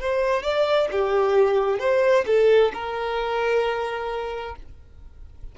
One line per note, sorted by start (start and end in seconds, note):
0.00 0.43 C5
0.43 0.88 D5
0.91 1.79 G4
1.79 2.25 C5
2.26 2.72 A4
2.74 4.55 A#4